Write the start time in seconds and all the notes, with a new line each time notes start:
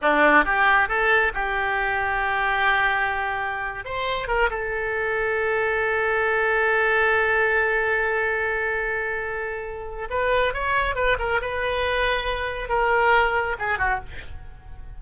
0.01 D4
0.44 G4
0.88 A4
1.34 G4
3.84 C5
4.27 A#4
4.50 A4
10.10 B4
10.53 C#5
10.95 B4
11.18 A#4
11.41 B4
12.68 A#4
13.58 G#4
13.78 F#4